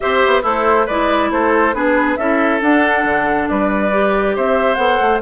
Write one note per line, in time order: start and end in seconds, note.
0.00 0.25 C4
0.00 0.42 G4
0.00 0.42 C5
0.00 0.42 E5
0.26 0.43 B3
0.42 0.87 A3
0.42 0.86 E4
0.42 0.86 A4
0.42 0.87 C5
0.86 1.31 G#3
0.86 1.73 E4
0.86 1.29 B4
0.86 1.30 D5
1.31 1.73 A3
1.31 1.75 A4
1.31 1.74 C5
1.73 2.16 B3
1.73 2.17 D4
1.73 2.18 G#4
1.73 2.16 B4
2.16 2.61 C#4
2.16 2.61 E4
2.16 3.49 A4
2.16 2.60 E5
2.61 3.91 D4
2.61 3.04 D4
2.61 3.48 F#5
3.04 3.48 D3
3.48 4.37 G3
3.48 4.35 B4
3.48 4.35 D5
3.91 4.76 G4
4.35 4.77 C4
4.35 5.21 C5
4.35 4.74 E5
4.74 4.99 B3
4.74 5.20 A4
4.74 5.18 F#5
5.00 5.21 A3